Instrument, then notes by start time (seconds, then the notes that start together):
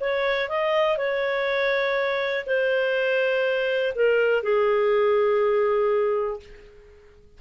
clarinet
0.00 C#5
0.49 D#5
0.97 C#5
2.46 C5
3.95 A#4
4.43 G#4